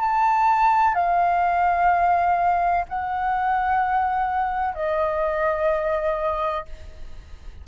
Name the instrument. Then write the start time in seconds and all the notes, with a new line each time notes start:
flute
0.00 A5
0.94 F5
2.88 F#5
4.74 D#5